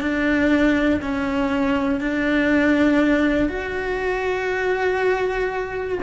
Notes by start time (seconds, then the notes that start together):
0.00 D4
1.01 C#4
2.00 D4
3.48 F#4